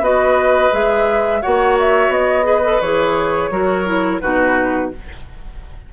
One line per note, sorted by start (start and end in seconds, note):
0.00 0.70 B3
0.00 0.72 F#4
0.00 1.42 B4
0.00 0.73 D#5
0.72 1.43 G#3
0.72 1.41 G#4
0.72 1.42 E5
1.42 2.08 A#3
1.42 2.43 F#4
1.42 2.46 C#5
1.42 1.77 F#5
1.80 2.12 E5
2.08 2.78 B3
2.08 2.81 D#5
2.43 2.61 G#4
2.43 3.51 B4
2.64 2.81 A4
2.81 3.50 E3
2.81 3.51 G#4
2.81 4.21 C#5
3.50 4.20 F#3
3.50 3.86 F#4
3.50 4.22 A#4
3.86 4.21 E4
4.21 4.93 B2
4.21 4.92 D#4
4.21 4.91 F#4
4.21 4.90 B4